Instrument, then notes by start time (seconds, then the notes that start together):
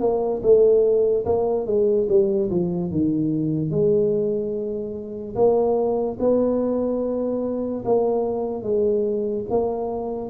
tuba
0.00 A#3
0.42 A3
1.25 A#3
1.66 G#3
2.08 G3
2.50 F3
2.91 D#3
3.70 G#3
5.35 A#3
6.19 B3
7.85 A#3
8.63 G#3
9.50 A#3